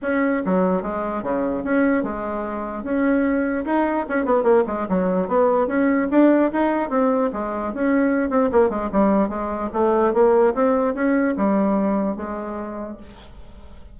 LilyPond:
\new Staff \with { instrumentName = "bassoon" } { \time 4/4 \tempo 4 = 148 cis'4 fis4 gis4 cis4 | cis'4 gis2 cis'4~ | cis'4 dis'4 cis'8 b8 ais8 gis8 | fis4 b4 cis'4 d'4 |
dis'4 c'4 gis4 cis'4~ | cis'8 c'8 ais8 gis8 g4 gis4 | a4 ais4 c'4 cis'4 | g2 gis2 | }